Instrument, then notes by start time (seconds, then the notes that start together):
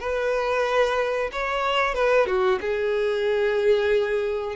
violin
0.00 B4
1.32 C#5
1.94 B4
2.26 F#4
2.61 G#4